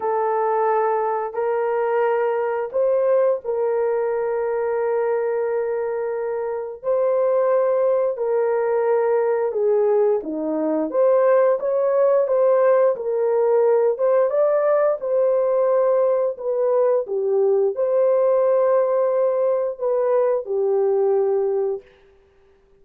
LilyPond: \new Staff \with { instrumentName = "horn" } { \time 4/4 \tempo 4 = 88 a'2 ais'2 | c''4 ais'2.~ | ais'2 c''2 | ais'2 gis'4 dis'4 |
c''4 cis''4 c''4 ais'4~ | ais'8 c''8 d''4 c''2 | b'4 g'4 c''2~ | c''4 b'4 g'2 | }